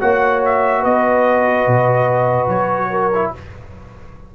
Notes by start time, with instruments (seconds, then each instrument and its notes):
0.00 tuba A#3, trombone F#4, horn C#5, trumpet F#5
0.45 trumpet E5
0.81 tuba B3, horn B4, trumpet D#5
1.67 tuba B2
2.48 tuba F#3, trumpet C#5
2.90 horn A#4
3.14 trombone E4